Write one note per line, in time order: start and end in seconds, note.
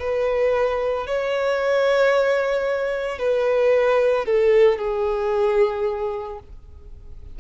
0.00 1.07 B4
1.07 3.19 C#5
3.19 4.26 B4
4.26 4.79 A4
4.79 6.39 G#4